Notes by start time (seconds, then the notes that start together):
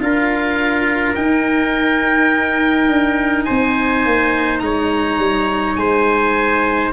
0.00 D4 F4 A#4 F5
1.15 D#4 G5
2.88 D4
3.44 C4 C5 G#5
4.05 A#3
4.59 G#3 C#5 A#5
5.18 G3
5.76 G#3 C5 G#5